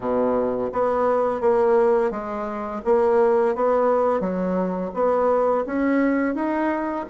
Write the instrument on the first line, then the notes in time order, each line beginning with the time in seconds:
bassoon
0.00 B2
0.72 B3
1.40 A#3
2.10 G#3
2.84 A#3
3.55 B3
4.20 F#3
4.94 B3
5.66 C#4
6.34 D#4